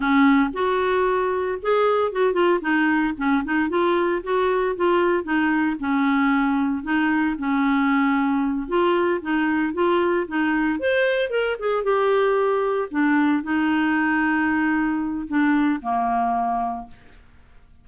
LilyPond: \new Staff \with { instrumentName = "clarinet" } { \time 4/4 \tempo 4 = 114 cis'4 fis'2 gis'4 | fis'8 f'8 dis'4 cis'8 dis'8 f'4 | fis'4 f'4 dis'4 cis'4~ | cis'4 dis'4 cis'2~ |
cis'8 f'4 dis'4 f'4 dis'8~ | dis'8 c''4 ais'8 gis'8 g'4.~ | g'8 d'4 dis'2~ dis'8~ | dis'4 d'4 ais2 | }